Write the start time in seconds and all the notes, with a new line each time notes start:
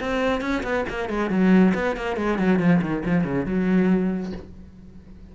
0.00 C4
0.41 C#4
0.63 B3
0.89 A#3
1.09 G#3
1.30 F#3
1.75 B3
1.97 A#3
2.17 G#3
2.39 F#3
2.59 F3
2.82 D#3
3.05 F3
3.24 C#3
3.46 F#3